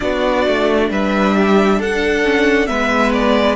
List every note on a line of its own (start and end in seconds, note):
0.00 0.47 B3
0.00 2.23 D4
0.00 0.90 F#4
0.00 0.89 D5
0.47 0.90 A3
0.90 1.79 G3
0.90 1.35 B4
0.90 1.81 E5
1.35 1.79 G4
1.79 2.69 D4
1.79 2.68 A4
1.79 2.66 F#5
2.23 2.67 C#4
2.66 3.56 G#3
2.66 3.56 B3
2.66 3.56 B4
2.66 3.11 E5
3.12 3.56 D5